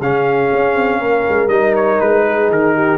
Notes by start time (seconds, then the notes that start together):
0.00 C#3 C#4 G#4 F5
0.53 C#4
0.76 C4
0.99 A#3 A#4
1.29 G#3
1.48 G3 D#4 D#5
1.76 C#5
2.01 G#3 B4
2.26 G#4
2.50 D#3 A#4
2.76 G4